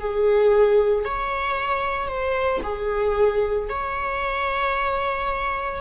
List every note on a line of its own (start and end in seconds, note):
0.00 1.05 G#4
1.05 2.08 C#5
2.08 2.61 C5
2.63 3.69 G#4
3.69 5.81 C#5